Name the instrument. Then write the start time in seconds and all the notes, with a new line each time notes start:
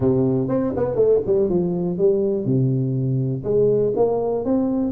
tuba
0.00 C3
0.48 C4
0.76 B3
0.95 A3
1.26 G3
1.49 F3
1.98 G3
2.45 C3
3.44 G#3
3.95 A#3
4.44 C4